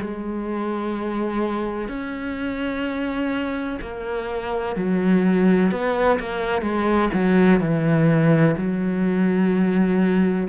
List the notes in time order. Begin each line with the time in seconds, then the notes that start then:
0.00 G#3
1.88 C#4
3.81 A#3
4.76 F#3
5.71 B3
6.19 A#3
6.61 G#3
7.13 F#3
7.60 E3
8.57 F#3